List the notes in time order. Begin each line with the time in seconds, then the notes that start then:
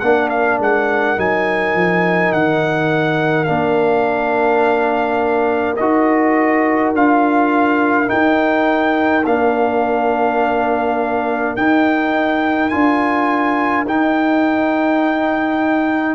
0.00 A#3 D4 A#4 F#5
0.29 F5
0.59 G#3 F#5
1.16 F#3 D#4 G#5
1.74 F3
2.33 D#3 F#5
3.44 A#3 D4 F5
5.76 D#4 F#4 D#5
6.94 D4 F4 F5
8.07 D#4 G5
9.25 A#3 D4 F5
11.56 D#4 G5
12.69 D4 F4 G#5
13.85 D#4 G5